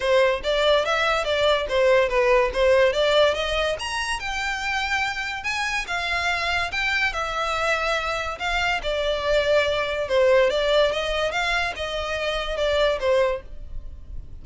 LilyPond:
\new Staff \with { instrumentName = "violin" } { \time 4/4 \tempo 4 = 143 c''4 d''4 e''4 d''4 | c''4 b'4 c''4 d''4 | dis''4 ais''4 g''2~ | g''4 gis''4 f''2 |
g''4 e''2. | f''4 d''2. | c''4 d''4 dis''4 f''4 | dis''2 d''4 c''4 | }